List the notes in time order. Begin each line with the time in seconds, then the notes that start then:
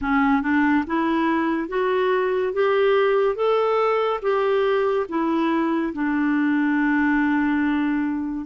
0.01 C#4
0.41 D4
0.86 E4
1.68 F#4
2.53 G4
3.35 A4
4.22 G4
5.08 E4
5.93 D4